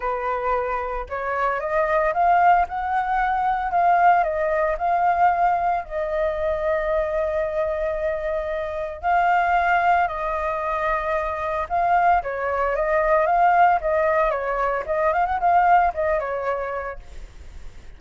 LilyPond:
\new Staff \with { instrumentName = "flute" } { \time 4/4 \tempo 4 = 113 b'2 cis''4 dis''4 | f''4 fis''2 f''4 | dis''4 f''2 dis''4~ | dis''1~ |
dis''4 f''2 dis''4~ | dis''2 f''4 cis''4 | dis''4 f''4 dis''4 cis''4 | dis''8 f''16 fis''16 f''4 dis''8 cis''4. | }